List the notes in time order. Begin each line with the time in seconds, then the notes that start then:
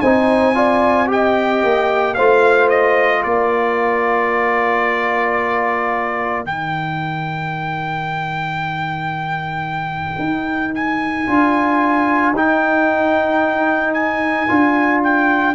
0.00 C4 D#4 C5 G#5
0.54 F4 D5
1.06 G4 G5
1.13 D#5
1.63 A#3
2.14 A3 F4 C5 F5
2.69 D#5
3.23 A#3 A#4 D5
6.44 D#3 D#4 G5
10.19 D#4
10.75 G#5
11.27 D4 F4
12.32 D#4 G5
13.93 G#5
14.48 D4 F4
15.03 G5